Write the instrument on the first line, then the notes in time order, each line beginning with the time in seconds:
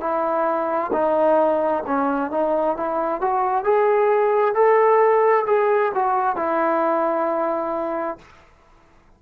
trombone
0.00 E4
0.92 D#4
1.86 C#4
2.31 D#4
2.76 E4
3.21 F#4
3.64 G#4
4.54 A4
5.46 G#4
5.94 F#4
6.36 E4